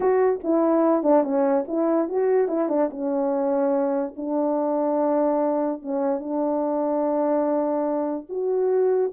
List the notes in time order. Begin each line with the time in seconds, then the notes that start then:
0.00 F#4
0.43 E4
1.03 D4
1.23 C#4
1.67 E4
2.08 F#4
2.48 E4
2.68 D4
2.90 C#4
4.16 D4
5.82 C#4
6.19 D4
8.29 F#4